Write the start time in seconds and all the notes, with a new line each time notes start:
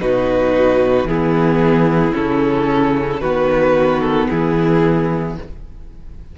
0.00 B2 D#4 F#4 B4
1.04 E3 B3 E4 G#4
2.13 C#3 C#4 A4
3.20 D#3 B3 F#4 B4
4.01 A4
4.29 E3 E4 G#4